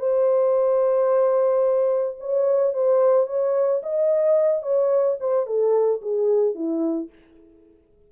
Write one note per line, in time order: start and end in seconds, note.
0.00 2.18 C5
2.20 2.74 C#5
2.74 3.27 C5
3.27 3.82 C#5
3.83 4.63 D#5
4.63 5.18 C#5
5.20 5.47 C5
5.47 6.01 A4
6.02 6.55 G#4
6.55 7.10 E4